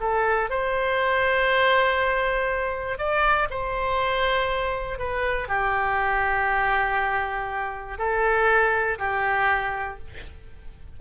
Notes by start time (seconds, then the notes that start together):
0.00 A4
0.49 C5
2.98 D5
3.50 C5
4.98 B4
5.48 G4
7.98 A4
8.98 G4